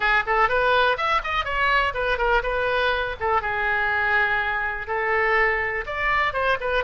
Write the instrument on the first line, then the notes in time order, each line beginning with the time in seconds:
oboe
0.00 G#4
0.26 A4
0.49 B4
0.97 E5
1.23 D#5
1.44 C#5
1.94 B4
2.18 A#4
2.43 B4
3.20 A4
3.41 G#4
4.87 A4
5.86 D5
6.33 C5
6.60 B4